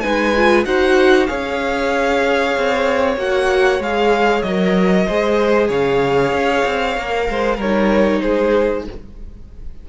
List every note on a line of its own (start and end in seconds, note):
0.00 0.65 G#3
0.00 0.35 D#4
0.00 0.65 B4
0.00 0.63 G#5
0.36 0.66 F4
0.65 1.28 D#4
0.65 1.27 F#4
0.65 1.28 C5
0.65 1.26 F#5
1.26 2.56 C#4
1.26 3.17 G#4
1.26 5.06 C#5
1.26 3.16 F5
2.56 3.16 C4
3.16 3.79 A#3
3.16 3.81 F#4
3.16 3.82 F#5
3.79 4.42 G#3
3.79 4.45 G#4
3.79 4.42 F5
4.42 5.06 F#3
4.42 5.08 A#4
4.42 5.68 D#5
5.06 5.69 G#3
5.06 6.97 G#4
5.06 5.67 C5
5.67 6.32 C#3
5.67 7.25 C#5
5.67 7.61 F5
6.32 6.64 C#4
6.65 6.96 C4
6.97 7.28 A#3
6.97 7.60 A#4
7.29 7.57 G#3
7.29 7.56 C5
7.56 8.21 G3
7.56 8.19 A#4
7.56 8.21 C#5
7.62 8.89 D#4
8.21 8.87 G#3
8.21 8.85 G#4
8.21 8.84 C5